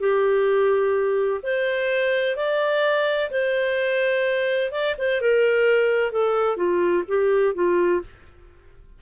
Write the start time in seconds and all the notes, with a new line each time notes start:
0.00 G4
1.43 C5
2.36 D5
3.31 C5
4.71 D5
4.98 C5
5.21 A#4
6.12 A4
6.57 F4
7.08 G4
7.54 F4